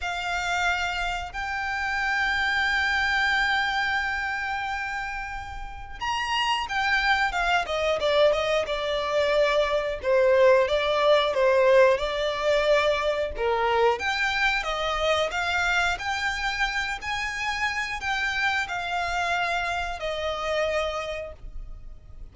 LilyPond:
\new Staff \with { instrumentName = "violin" } { \time 4/4 \tempo 4 = 90 f''2 g''2~ | g''1~ | g''4 ais''4 g''4 f''8 dis''8 | d''8 dis''8 d''2 c''4 |
d''4 c''4 d''2 | ais'4 g''4 dis''4 f''4 | g''4. gis''4. g''4 | f''2 dis''2 | }